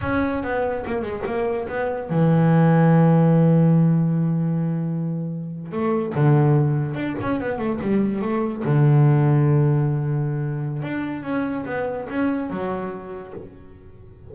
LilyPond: \new Staff \with { instrumentName = "double bass" } { \time 4/4 \tempo 4 = 144 cis'4 b4 ais8 gis8 ais4 | b4 e2.~ | e1~ | e4.~ e16 a4 d4~ d16~ |
d8. d'8 cis'8 b8 a8 g4 a16~ | a8. d2.~ d16~ | d2 d'4 cis'4 | b4 cis'4 fis2 | }